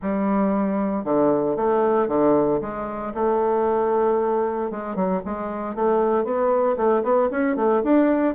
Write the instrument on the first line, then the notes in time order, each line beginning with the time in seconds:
bassoon
0.02 G3
1.04 D3
1.56 A3
2.08 D3
2.61 G#3
3.14 A3
4.70 G#3
4.95 F#3
5.25 G#3
5.75 A3
6.24 B3
6.76 A3
7.03 B3
7.30 C#4
7.56 A3
7.83 D4